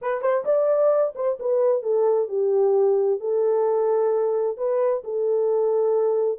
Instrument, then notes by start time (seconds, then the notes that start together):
horn
0.01 B4
0.21 C5
0.44 D5
1.15 C5
1.39 B4
1.82 A4
2.28 G4
3.19 A4
4.57 B4
5.03 A4